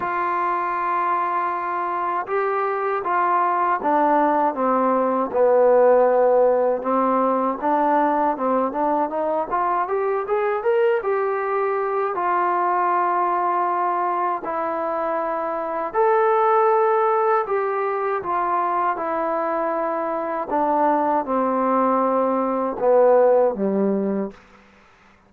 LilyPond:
\new Staff \with { instrumentName = "trombone" } { \time 4/4 \tempo 4 = 79 f'2. g'4 | f'4 d'4 c'4 b4~ | b4 c'4 d'4 c'8 d'8 | dis'8 f'8 g'8 gis'8 ais'8 g'4. |
f'2. e'4~ | e'4 a'2 g'4 | f'4 e'2 d'4 | c'2 b4 g4 | }